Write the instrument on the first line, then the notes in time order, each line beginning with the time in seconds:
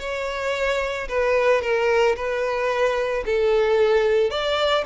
violin
0.00 C#5
1.08 B4
1.62 A#4
2.16 B4
3.26 A4
4.31 D5